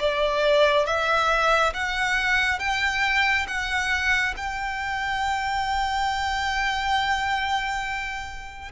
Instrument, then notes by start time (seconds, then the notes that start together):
violin
0.00 D5
0.87 E5
1.74 F#5
2.60 G5
3.48 F#5
4.38 G5